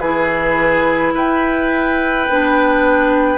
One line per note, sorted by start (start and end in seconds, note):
0.00 1.14 E3
0.00 2.29 E4
0.00 1.13 G#4
0.00 1.13 B4
1.14 2.28 E4
1.14 3.38 B4
1.14 3.38 G5
2.30 3.38 B3
2.30 3.38 D4